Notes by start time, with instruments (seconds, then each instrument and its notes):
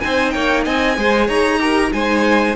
0.00 cello C4, viola D#4, violin C5 G#5
0.30 cello A#3, violin C#5 G5
0.64 cello C4, violin D#5 G#5
0.97 cello G#3, viola G#4, violin C5
1.26 cello D#4, violin C#5 A#5
1.58 viola G4, violin A#4
1.90 cello G#3, viola D#4, violin C5 G#5